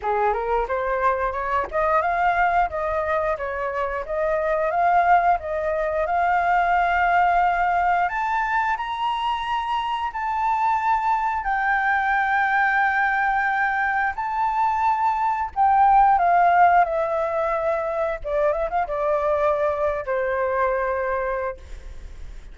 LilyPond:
\new Staff \with { instrumentName = "flute" } { \time 4/4 \tempo 4 = 89 gis'8 ais'8 c''4 cis''8 dis''8 f''4 | dis''4 cis''4 dis''4 f''4 | dis''4 f''2. | a''4 ais''2 a''4~ |
a''4 g''2.~ | g''4 a''2 g''4 | f''4 e''2 d''8 e''16 f''16 | d''4.~ d''16 c''2~ c''16 | }